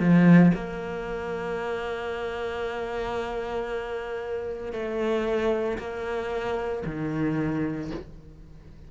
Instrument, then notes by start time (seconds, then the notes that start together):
cello
0.00 F3
0.55 A#3
4.73 A3
5.78 A#3
6.86 D#3